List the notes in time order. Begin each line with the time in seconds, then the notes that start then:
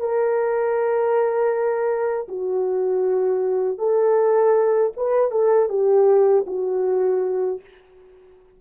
0.00 A#4
2.29 F#4
3.78 A4
4.97 B4
5.32 A4
5.70 G4
6.47 F#4